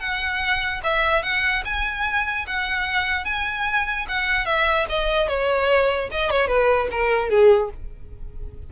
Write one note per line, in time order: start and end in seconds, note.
0.00 0.81 F#5
0.84 1.23 E5
1.23 1.64 F#5
1.65 2.46 G#5
2.47 3.25 F#5
3.25 4.06 G#5
4.09 4.46 F#5
4.46 4.86 E5
4.90 5.29 D#5
5.29 6.10 C#5
6.12 6.31 D#5
6.31 6.48 C#5
6.48 6.89 B4
6.91 7.30 A#4
7.30 7.71 G#4